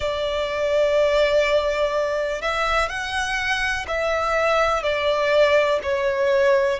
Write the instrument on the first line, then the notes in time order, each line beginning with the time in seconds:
violin
0.00 D5
2.41 E5
2.88 F#5
3.87 E5
4.83 D5
5.82 C#5